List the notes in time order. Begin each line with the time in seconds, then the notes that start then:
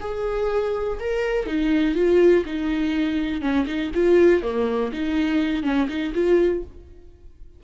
0.00 G#4
1.00 A#4
1.46 D#4
1.95 F4
2.45 D#4
3.41 C#4
3.67 D#4
3.94 F4
4.43 A#3
4.92 D#4
5.63 C#4
5.88 D#4
6.14 F4